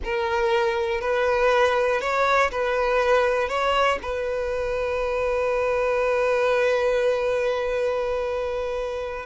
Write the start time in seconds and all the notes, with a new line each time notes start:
0.03 A#4
1.00 B4
2.00 C#5
2.51 B4
3.48 C#5
4.02 B4